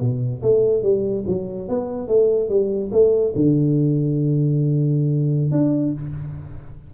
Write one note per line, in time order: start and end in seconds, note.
0.00 0.42 B2
0.42 0.82 A3
0.82 1.24 G3
1.27 1.68 F#3
1.68 2.08 B3
2.08 2.49 A3
2.49 2.90 G3
2.92 3.33 A3
3.35 5.51 D3
5.51 5.93 D4